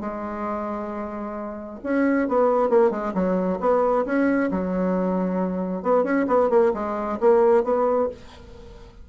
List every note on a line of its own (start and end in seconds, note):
0.00 1.79 G#3
1.83 2.28 C#4
2.28 2.69 B3
2.69 2.91 A#3
2.91 3.13 G#3
3.14 3.59 F#3
3.60 4.05 B3
4.05 4.50 C#4
4.51 5.82 F#3
5.82 6.03 B3
6.03 6.26 C#4
6.27 6.49 B3
6.49 6.72 A#3
6.74 7.18 G#3
7.20 7.64 A#3
7.64 8.08 B3